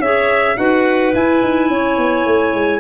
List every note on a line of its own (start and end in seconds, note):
0.00 0.56 C#4
0.00 0.56 G#4
0.00 0.58 C#5
0.00 0.57 E5
0.56 1.13 D#4
0.56 1.12 F#4
0.56 1.70 B4
0.56 1.14 F#5
1.13 2.80 E4
1.13 1.42 E4
1.13 2.80 G#5
1.42 1.69 D#4
1.69 1.97 C#4
1.69 2.80 C#5
1.97 2.25 B3
2.26 2.54 A3
2.54 2.80 G#3